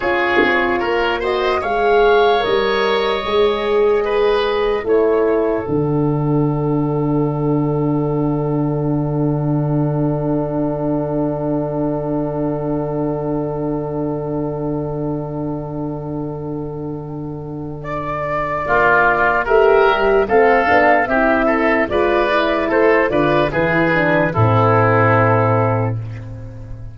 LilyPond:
<<
  \new Staff \with { instrumentName = "flute" } { \time 4/4 \tempo 4 = 74 cis''4. dis''8 f''4 dis''4~ | dis''2 cis''4 fis''4~ | fis''1~ | fis''1~ |
fis''1~ | fis''2 d''2 | e''4 f''4 e''4 d''4 | c''8 d''8 b'4 a'2 | }
  \new Staff \with { instrumentName = "oboe" } { \time 4/4 gis'4 ais'8 c''8 cis''2~ | cis''4 b'4 a'2~ | a'1~ | a'1~ |
a'1~ | a'2. f'4 | ais'4 a'4 g'8 a'8 b'4 | a'8 b'8 gis'4 e'2 | }
  \new Staff \with { instrumentName = "horn" } { \time 4/4 f'4. fis'8 gis'4 ais'4 | gis'2 e'4 d'4~ | d'1~ | d'1~ |
d'1~ | d'1 | g'4 c'8 d'8 e'4 f'8 e'8~ | e'8 f'8 e'8 d'8 c'2 | }
  \new Staff \with { instrumentName = "tuba" } { \time 4/4 cis'8 c'8 ais4 gis4 g4 | gis2 a4 d4~ | d1~ | d1~ |
d1~ | d2. ais4 | a8 g8 a8 b8 c'4 gis4 | a8 d8 e4 a,2 | }
>>